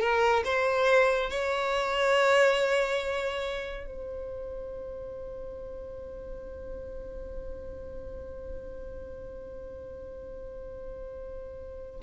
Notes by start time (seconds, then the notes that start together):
0.00 A#4
0.44 C5
1.30 C#5
3.86 C5